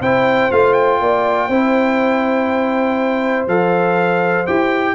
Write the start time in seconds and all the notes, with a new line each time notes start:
0.00 C4 E4 C5 G5
0.51 A3 F4 F5
0.73 G5
1.00 A#3 D5
1.48 C4 E4 C5
3.47 F3 A4 F5
4.46 E4 G4 G5